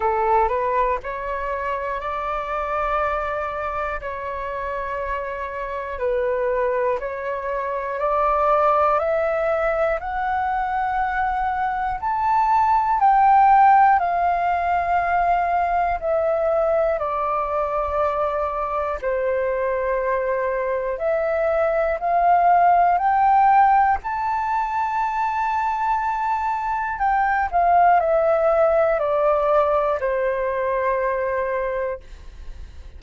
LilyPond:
\new Staff \with { instrumentName = "flute" } { \time 4/4 \tempo 4 = 60 a'8 b'8 cis''4 d''2 | cis''2 b'4 cis''4 | d''4 e''4 fis''2 | a''4 g''4 f''2 |
e''4 d''2 c''4~ | c''4 e''4 f''4 g''4 | a''2. g''8 f''8 | e''4 d''4 c''2 | }